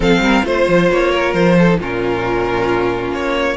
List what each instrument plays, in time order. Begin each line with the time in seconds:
0.00 cello F3, viola C4, violin A4 F5
0.19 cello G3, violin A#4
0.44 cello A3, viola F4, violin C5
0.67 cello F3
0.90 cello A#3, violin C#5
1.11 violin A#4
1.33 cello F3, violin C5
1.58 violin A4
1.67 viola D#4
1.79 cello A#2, viola C#4, violin F4 A#4
3.11 cello A#3, violin C#5